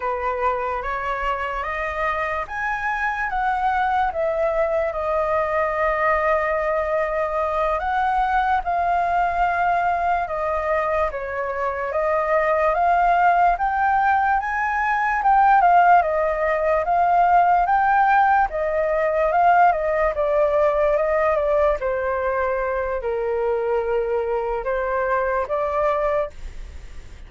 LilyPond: \new Staff \with { instrumentName = "flute" } { \time 4/4 \tempo 4 = 73 b'4 cis''4 dis''4 gis''4 | fis''4 e''4 dis''2~ | dis''4. fis''4 f''4.~ | f''8 dis''4 cis''4 dis''4 f''8~ |
f''8 g''4 gis''4 g''8 f''8 dis''8~ | dis''8 f''4 g''4 dis''4 f''8 | dis''8 d''4 dis''8 d''8 c''4. | ais'2 c''4 d''4 | }